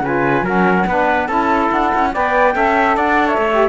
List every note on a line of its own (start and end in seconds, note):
0.00 0.42 C#3
0.00 0.45 F4
0.00 0.44 B4
0.00 0.47 G#5
0.42 0.84 F#3
0.42 0.87 C#4
0.42 0.86 A#4
0.42 1.27 F#5
0.86 1.28 B3
0.86 1.28 D4
0.86 1.27 B4
1.27 1.70 C#4
1.27 2.12 E4
1.27 2.11 A4
1.27 1.69 A5
1.71 1.92 D4
1.71 2.13 F#5
1.94 2.15 C#4
2.13 2.55 B3
2.13 2.53 B4
2.13 2.55 D5
2.13 2.96 G5
2.53 2.97 C#4
2.53 3.48 A4
2.53 2.96 E5
2.96 3.37 D4
2.96 3.26 D5
2.96 3.28 F#5
3.26 3.68 C#5
3.26 3.68 E5
3.37 3.68 A3
3.51 3.68 G4